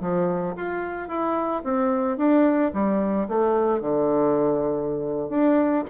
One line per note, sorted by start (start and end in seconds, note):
0.00 0.55 F3
0.56 1.08 F4
1.08 1.62 E4
1.63 2.17 C4
2.17 2.71 D4
2.73 3.28 G3
3.28 3.80 A3
3.80 5.29 D3
5.29 5.84 D4